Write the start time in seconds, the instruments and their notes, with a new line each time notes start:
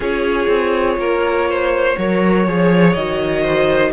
0.00 cello C#4, viola F4, violin G#4 C#5
0.47 cello C4
0.97 cello A#3, violin A#4
1.49 violin C5
1.98 cello F#3, viola A#4, violin C#5
2.47 cello F3, viola G#4
2.93 cello D#3, viola F#4, violin D#5
3.42 violin C5